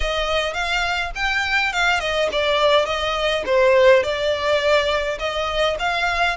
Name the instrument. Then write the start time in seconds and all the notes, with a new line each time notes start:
violin
0.00 D#5
0.53 F5
1.15 G5
1.73 F5
2.00 D#5
2.32 D5
2.85 D#5
3.46 C5
4.03 D5
5.18 D#5
5.79 F5